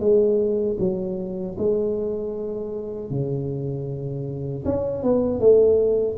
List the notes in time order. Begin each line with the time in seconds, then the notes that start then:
0.00 G#3
0.79 F#3
1.58 G#3
3.10 C#3
4.65 C#4
5.03 B3
5.40 A3